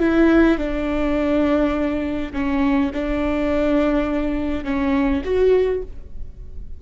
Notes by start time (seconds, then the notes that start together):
0.00 E4
0.58 D4
2.34 C#4
2.94 D4
4.64 C#4
5.25 F#4